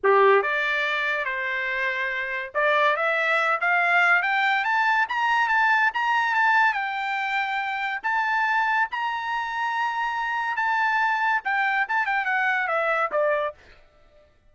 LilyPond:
\new Staff \with { instrumentName = "trumpet" } { \time 4/4 \tempo 4 = 142 g'4 d''2 c''4~ | c''2 d''4 e''4~ | e''8 f''4. g''4 a''4 | ais''4 a''4 ais''4 a''4 |
g''2. a''4~ | a''4 ais''2.~ | ais''4 a''2 g''4 | a''8 g''8 fis''4 e''4 d''4 | }